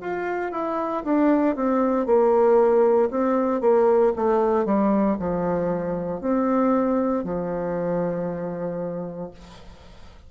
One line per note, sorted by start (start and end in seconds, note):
0.00 0.51 F4
0.51 1.03 E4
1.04 1.55 D4
1.55 2.06 C4
2.06 3.09 A#3
3.10 3.61 C4
3.61 4.12 A#3
4.16 4.65 A3
4.65 5.17 G3
5.19 6.21 F3
6.21 7.24 C4
7.24 9.31 F3